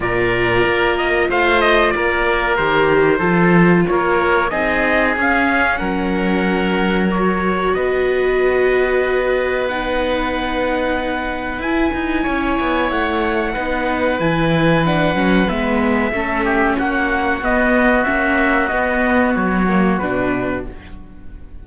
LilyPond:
<<
  \new Staff \with { instrumentName = "trumpet" } { \time 4/4 \tempo 4 = 93 d''4. dis''8 f''8 dis''8 d''4 | c''2 cis''4 dis''4 | f''4 fis''2 cis''4 | dis''2. fis''4~ |
fis''2 gis''2 | fis''2 gis''4 fis''4 | e''2 fis''4 dis''4 | e''4 dis''4 cis''4 b'4 | }
  \new Staff \with { instrumentName = "oboe" } { \time 4/4 ais'2 c''4 ais'4~ | ais'4 a'4 ais'4 gis'4~ | gis'4 ais'2. | b'1~ |
b'2. cis''4~ | cis''4 b'2.~ | b'4 a'8 g'8 fis'2~ | fis'1 | }
  \new Staff \with { instrumentName = "viola" } { \time 4/4 f'1 | g'4 f'2 dis'4 | cis'2. fis'4~ | fis'2. dis'4~ |
dis'2 e'2~ | e'4 dis'4 e'4 d'8 cis'8 | b4 cis'2 b4 | cis'4 b4. ais8 d'4 | }
  \new Staff \with { instrumentName = "cello" } { \time 4/4 ais,4 ais4 a4 ais4 | dis4 f4 ais4 c'4 | cis'4 fis2. | b1~ |
b2 e'8 dis'8 cis'8 b8 | a4 b4 e4. fis8 | gis4 a4 ais4 b4 | ais4 b4 fis4 b,4 | }
>>